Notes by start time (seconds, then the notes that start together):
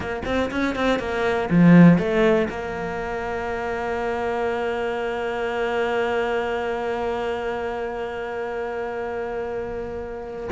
0.00 A#3
0.25 C4
0.50 C#4
0.75 C4
0.99 A#3
1.50 F3
1.98 A3
2.49 A#3